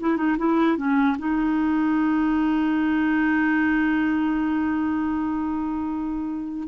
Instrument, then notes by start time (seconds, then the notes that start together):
clarinet
0.00 E4
0.17 D#4
0.38 E4
0.77 C#4
1.18 D#4